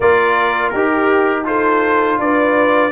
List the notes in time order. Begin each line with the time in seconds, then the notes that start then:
0.00 A#3 F4 A#4 D5
0.69 D#4 G4 A#4
0.75 G4
1.45 F4 A4 C5
2.18 D4 B4 D5